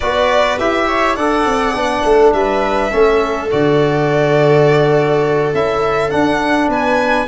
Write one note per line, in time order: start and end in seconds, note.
0.00 0.59 B3
0.00 0.59 F#4
0.00 0.86 B4
0.00 0.58 D5
0.59 1.16 E4
0.59 1.17 G4
0.59 1.16 E5
0.87 1.16 C#5
1.16 1.45 D4
1.16 1.74 A4
1.16 2.03 D5
1.16 2.32 F#5
1.45 1.74 C4
1.74 2.03 B3
1.74 2.91 D4
2.04 2.33 A3
2.04 2.34 A4
2.32 2.91 G3
2.32 2.90 B4
2.32 3.49 E5
2.90 3.51 A3
2.90 3.49 C#4
2.90 6.69 A4
3.50 5.54 D3
3.50 5.54 F#4
3.50 5.54 D5
5.54 6.12 C#4
5.54 6.10 E4
5.54 6.10 E5
6.10 7.27 D4
6.10 6.68 D4
6.10 6.68 F#5
6.68 7.26 B3
6.68 7.27 B4
6.68 7.27 G#5